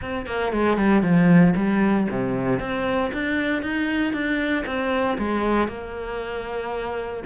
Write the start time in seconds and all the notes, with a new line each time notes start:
0.01 C4
0.26 A#3
0.52 G#3
0.77 G3
1.02 F3
1.55 G3
2.10 C3
2.59 C4
3.13 D4
3.62 D#4
4.13 D4
4.66 C4
5.17 G#3
5.68 A#3